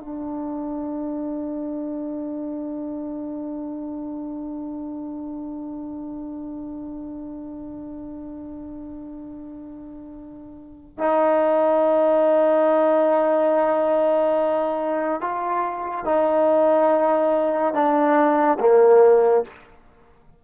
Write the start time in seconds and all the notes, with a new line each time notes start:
0.00 D4
10.99 D#4
15.21 F4
16.05 D#4
17.74 D4
18.60 A#3